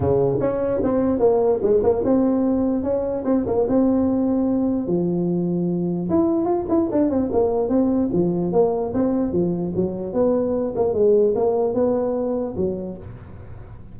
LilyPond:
\new Staff \with { instrumentName = "tuba" } { \time 4/4 \tempo 4 = 148 cis4 cis'4 c'4 ais4 | gis8 ais8 c'2 cis'4 | c'8 ais8 c'2. | f2. e'4 |
f'8 e'8 d'8 c'8 ais4 c'4 | f4 ais4 c'4 f4 | fis4 b4. ais8 gis4 | ais4 b2 fis4 | }